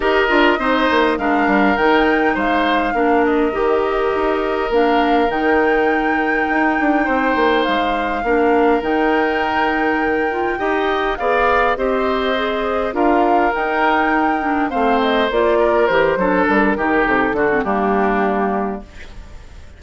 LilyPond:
<<
  \new Staff \with { instrumentName = "flute" } { \time 4/4 \tempo 4 = 102 dis''2 f''4 g''4 | f''4. dis''2~ dis''8 | f''4 g''2.~ | g''4 f''2 g''4~ |
g''2. f''4 | dis''2 f''4 g''4~ | g''4 f''8 dis''8 d''4 c''4 | ais'4 a'4 g'2 | }
  \new Staff \with { instrumentName = "oboe" } { \time 4/4 ais'4 c''4 ais'2 | c''4 ais'2.~ | ais'1 | c''2 ais'2~ |
ais'2 dis''4 d''4 | c''2 ais'2~ | ais'4 c''4. ais'4 a'8~ | a'8 g'4 fis'8 d'2 | }
  \new Staff \with { instrumentName = "clarinet" } { \time 4/4 g'8 f'8 dis'4 d'4 dis'4~ | dis'4 d'4 g'2 | d'4 dis'2.~ | dis'2 d'4 dis'4~ |
dis'4. f'8 g'4 gis'4 | g'4 gis'4 f'4 dis'4~ | dis'8 d'8 c'4 f'4 g'8 d'8~ | d'8 dis'4 d'16 c'16 ais2 | }
  \new Staff \with { instrumentName = "bassoon" } { \time 4/4 dis'8 d'8 c'8 ais8 gis8 g8 dis4 | gis4 ais4 dis4 dis'4 | ais4 dis2 dis'8 d'8 | c'8 ais8 gis4 ais4 dis4~ |
dis2 dis'4 b4 | c'2 d'4 dis'4~ | dis'4 a4 ais4 e8 fis8 | g8 dis8 c8 d8 g2 | }
>>